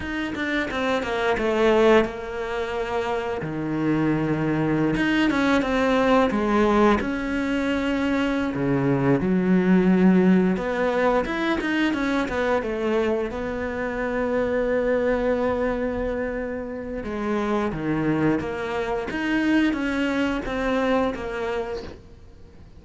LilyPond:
\new Staff \with { instrumentName = "cello" } { \time 4/4 \tempo 4 = 88 dis'8 d'8 c'8 ais8 a4 ais4~ | ais4 dis2~ dis16 dis'8 cis'16~ | cis'16 c'4 gis4 cis'4.~ cis'16~ | cis'8 cis4 fis2 b8~ |
b8 e'8 dis'8 cis'8 b8 a4 b8~ | b1~ | b4 gis4 dis4 ais4 | dis'4 cis'4 c'4 ais4 | }